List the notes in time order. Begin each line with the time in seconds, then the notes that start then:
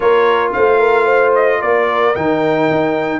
0.00 A#3 F4 A#4 C#5
0.52 A3 C5 F5
0.79 A#4
1.05 C5
1.34 D#5
1.60 A#3 A#4 D5
2.15 D#3 D#4 G5
2.70 D#4